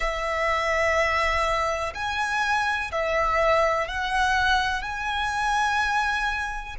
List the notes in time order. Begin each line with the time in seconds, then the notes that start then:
0.00 E5
1.94 G#5
2.91 E5
3.87 F#5
4.82 G#5